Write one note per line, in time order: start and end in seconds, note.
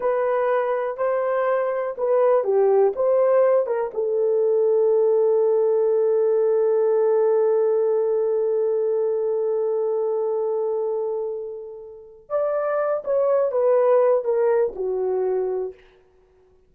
0.00 0.97 B4
0.97 1.95 C5
1.97 2.43 B4
2.43 2.93 G4
2.95 3.66 C5
3.66 3.91 A#4
3.93 12.29 A4
12.29 13.03 D5
13.04 13.51 C#5
13.51 14.24 B4
14.24 14.73 A#4
14.75 15.74 F#4